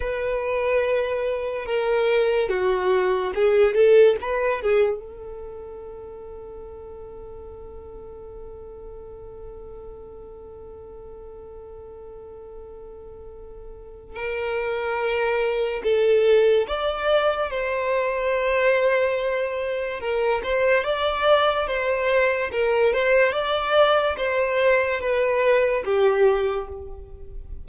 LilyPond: \new Staff \with { instrumentName = "violin" } { \time 4/4 \tempo 4 = 72 b'2 ais'4 fis'4 | gis'8 a'8 b'8 gis'8 a'2~ | a'1~ | a'1~ |
a'4 ais'2 a'4 | d''4 c''2. | ais'8 c''8 d''4 c''4 ais'8 c''8 | d''4 c''4 b'4 g'4 | }